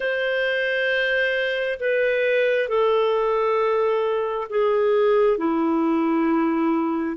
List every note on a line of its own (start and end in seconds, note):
0.00 1.79 C5
1.79 2.68 B4
2.68 4.47 A4
4.49 5.37 G#4
5.37 7.16 E4